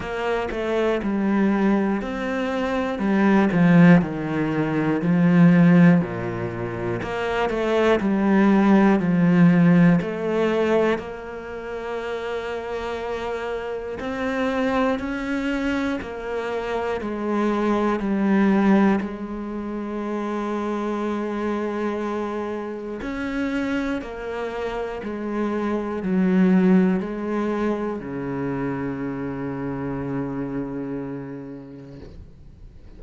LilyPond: \new Staff \with { instrumentName = "cello" } { \time 4/4 \tempo 4 = 60 ais8 a8 g4 c'4 g8 f8 | dis4 f4 ais,4 ais8 a8 | g4 f4 a4 ais4~ | ais2 c'4 cis'4 |
ais4 gis4 g4 gis4~ | gis2. cis'4 | ais4 gis4 fis4 gis4 | cis1 | }